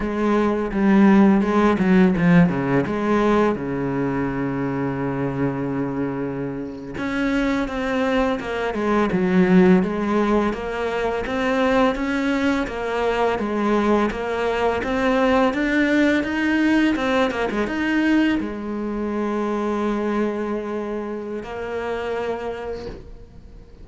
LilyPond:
\new Staff \with { instrumentName = "cello" } { \time 4/4 \tempo 4 = 84 gis4 g4 gis8 fis8 f8 cis8 | gis4 cis2.~ | cis4.~ cis16 cis'4 c'4 ais16~ | ais16 gis8 fis4 gis4 ais4 c'16~ |
c'8. cis'4 ais4 gis4 ais16~ | ais8. c'4 d'4 dis'4 c'16~ | c'16 ais16 gis16 dis'4 gis2~ gis16~ | gis2 ais2 | }